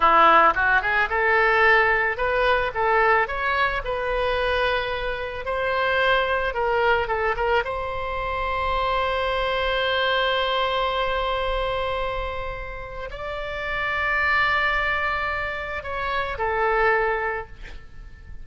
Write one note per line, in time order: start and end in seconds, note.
0.00 0.54 E4
0.54 0.81 F#4
0.81 1.09 G#4
1.09 2.17 A4
2.17 2.71 B4
2.74 3.27 A4
3.27 3.82 C#5
3.84 5.45 B4
5.45 6.54 C5
6.54 7.07 A#4
7.07 7.35 A4
7.36 7.63 A#4
7.64 13.09 C5
13.10 15.83 D5
15.83 16.37 C#5
16.38 17.47 A4